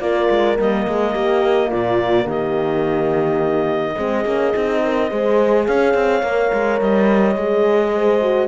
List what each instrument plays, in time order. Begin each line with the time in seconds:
0.00 cello A#3, horn F4 A#4, clarinet D5
0.30 cello G#3
0.56 cello G3, horn A#3, clarinet D#5
0.87 cello G#3, horn G#4
1.12 cello A#3, horn G4
1.68 cello A#2, horn F4, clarinet D5
2.25 cello D#3, horn G4, clarinet D#5
3.97 cello G#3, horn C4 G#4
4.25 cello A#3, horn C#4
4.56 cello C4, horn D#4
4.83 horn A#4
5.10 cello G#3, horn G#4 C5
5.66 cello C#4, horn C#5, clarinet F5
5.94 cello C4
6.23 cello A#3, horn A#4
6.53 cello G#3
6.81 cello G3, clarinet D#5
7.36 cello G#3, horn G#4
7.94 horn C5
8.21 horn F#4